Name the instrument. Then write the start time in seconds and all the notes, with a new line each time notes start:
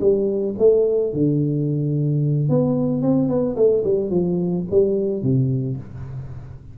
tuba
0.00 G3
0.58 A3
1.13 D3
2.49 B3
3.01 C4
3.28 B3
3.56 A3
3.83 G3
4.10 F3
4.70 G3
5.22 C3